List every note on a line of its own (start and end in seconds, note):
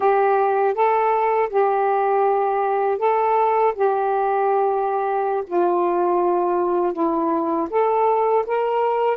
0.00 0.74 G4
0.74 1.49 A4
1.49 2.98 G4
2.98 3.73 A4
3.75 5.44 G4
5.46 6.93 F4
6.93 7.68 E4
7.69 8.44 A4
8.46 9.17 A#4